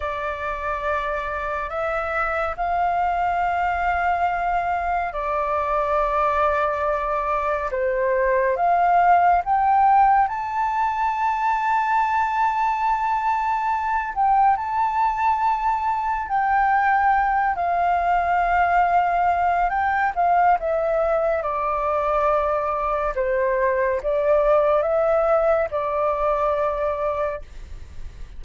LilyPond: \new Staff \with { instrumentName = "flute" } { \time 4/4 \tempo 4 = 70 d''2 e''4 f''4~ | f''2 d''2~ | d''4 c''4 f''4 g''4 | a''1~ |
a''8 g''8 a''2 g''4~ | g''8 f''2~ f''8 g''8 f''8 | e''4 d''2 c''4 | d''4 e''4 d''2 | }